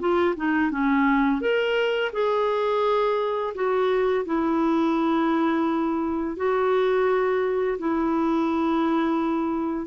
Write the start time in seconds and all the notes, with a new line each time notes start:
0.00 F4
0.36 D#4
0.72 C#4
1.41 A#4
2.13 G#4
3.55 F#4
4.26 E4
6.37 F#4
7.79 E4